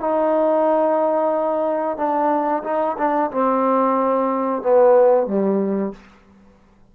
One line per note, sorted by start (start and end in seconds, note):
0.00 1.97 D#4
1.97 2.63 D4
2.64 2.97 D#4
2.98 3.31 D4
3.31 4.62 C4
4.62 5.27 B3
5.27 5.93 G3